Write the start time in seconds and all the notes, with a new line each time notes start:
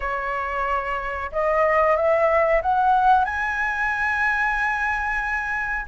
0.00 C#5
1.32 D#5
1.96 E5
2.61 F#5
3.25 G#5